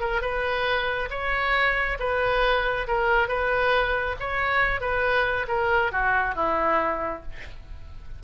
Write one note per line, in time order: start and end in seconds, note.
0.00 0.21 A#4
0.21 1.09 B4
1.10 1.98 C#5
1.99 2.87 B4
2.87 3.28 A#4
3.28 4.15 B4
4.19 4.80 C#5
4.80 5.46 B4
5.48 5.91 A#4
5.92 6.35 F#4
6.35 7.22 E4